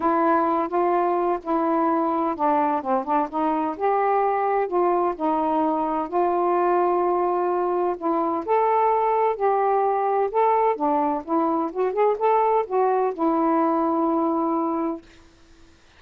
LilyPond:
\new Staff \with { instrumentName = "saxophone" } { \time 4/4 \tempo 4 = 128 e'4. f'4. e'4~ | e'4 d'4 c'8 d'8 dis'4 | g'2 f'4 dis'4~ | dis'4 f'2.~ |
f'4 e'4 a'2 | g'2 a'4 d'4 | e'4 fis'8 gis'8 a'4 fis'4 | e'1 | }